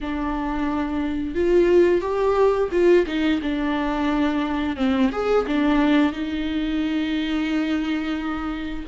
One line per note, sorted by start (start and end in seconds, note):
0.01 1.35 D4
1.35 2.01 F4
2.01 2.69 G4
2.71 3.05 F4
3.06 3.40 D#4
3.42 4.76 D4
4.76 5.10 C4
5.11 5.45 G#4
5.46 6.12 D4
6.12 8.85 D#4